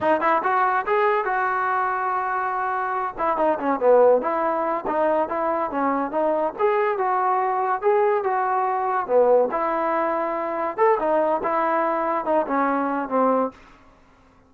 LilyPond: \new Staff \with { instrumentName = "trombone" } { \time 4/4 \tempo 4 = 142 dis'8 e'8 fis'4 gis'4 fis'4~ | fis'2.~ fis'8 e'8 | dis'8 cis'8 b4 e'4. dis'8~ | dis'8 e'4 cis'4 dis'4 gis'8~ |
gis'8 fis'2 gis'4 fis'8~ | fis'4. b4 e'4.~ | e'4. a'8 dis'4 e'4~ | e'4 dis'8 cis'4. c'4 | }